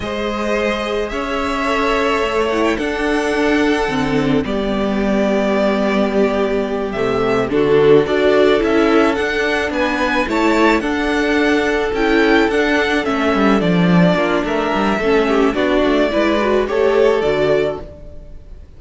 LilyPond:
<<
  \new Staff \with { instrumentName = "violin" } { \time 4/4 \tempo 4 = 108 dis''2 e''2~ | e''8 fis''16 g''16 fis''2. | d''1~ | d''8 e''4 a'4 d''4 e''8~ |
e''8 fis''4 gis''4 a''4 fis''8~ | fis''4. g''4 fis''4 e''8~ | e''8 d''4. e''2 | d''2 cis''4 d''4 | }
  \new Staff \with { instrumentName = "violin" } { \time 4/4 c''2 cis''2~ | cis''4 a'2. | g'1~ | g'4. fis'4 a'4.~ |
a'4. b'4 cis''4 a'8~ | a'1~ | a'4. f'8 ais'4 a'8 g'8 | fis'4 b'4 a'2 | }
  \new Staff \with { instrumentName = "viola" } { \time 4/4 gis'2. a'4~ | a'8 e'8 d'2 c'4 | b1~ | b8 a4 d'4 fis'4 e'8~ |
e'8 d'2 e'4 d'8~ | d'4. e'4 d'4 cis'8~ | cis'8 d'2~ d'8 cis'4 | d'4 e'8 fis'8 g'4 fis'4 | }
  \new Staff \with { instrumentName = "cello" } { \time 4/4 gis2 cis'2 | a4 d'2 d4 | g1~ | g8 c4 d4 d'4 cis'8~ |
cis'8 d'4 b4 a4 d'8~ | d'4. cis'4 d'4 a8 | g8 f4 ais8 a8 g8 a4 | b8 a8 gis4 a4 d4 | }
>>